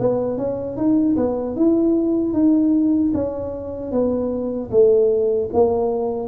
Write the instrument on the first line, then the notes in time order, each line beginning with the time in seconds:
tuba
0.00 B3
0.38 C#4
0.77 D#4
1.17 B3
1.56 E4
2.34 D#4
3.14 C#4
3.92 B3
4.71 A3
5.53 A#3